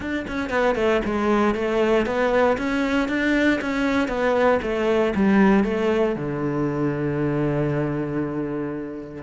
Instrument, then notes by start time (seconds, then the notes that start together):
cello
0.00 D4
0.27 C#4
0.49 B3
0.75 A3
1.04 G#3
1.54 A3
2.06 B3
2.57 C#4
3.08 D4
3.61 C#4
4.08 B3
4.62 A3
5.15 G3
5.64 A3
6.15 D3